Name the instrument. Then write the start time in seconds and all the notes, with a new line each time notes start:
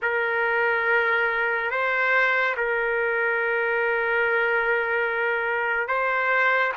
trumpet
0.02 A#4
1.70 C5
2.56 A#4
5.88 C5